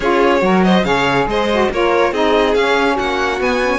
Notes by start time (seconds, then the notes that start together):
0.00 C#4 F4 G#4 C#5
0.38 F#3 F#4 A#4
0.63 C5 D#5
0.84 C#3 G#4 C#5 F5
1.26 G#3 C5 D#5
1.52 F#4
1.70 A#3 F4 A#4 C#5
2.12 C4 D#4 G#4 D#5
2.54 C#4 F5
2.95 A#3 F#4 F#5
3.39 B3 G#5
3.62 C#4